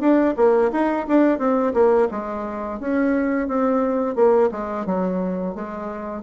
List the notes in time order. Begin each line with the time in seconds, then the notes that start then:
0.00 D4
0.36 A#3
0.71 D#4
1.08 D4
1.38 C4
1.73 A#3
2.11 G#3
2.80 C#4
3.48 C4
4.15 A#3
4.51 G#3
4.86 F#3
5.55 G#3